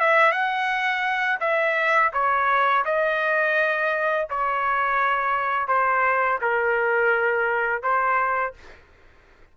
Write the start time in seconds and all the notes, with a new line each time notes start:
0.00 E5
0.32 F#5
1.41 E5
2.13 C#5
2.85 D#5
4.30 C#5
5.68 C5
6.42 A#4
7.83 C5